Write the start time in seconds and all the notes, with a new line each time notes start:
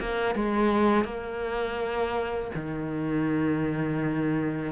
0.00 A#3
0.35 G#3
1.05 A#3
2.55 D#3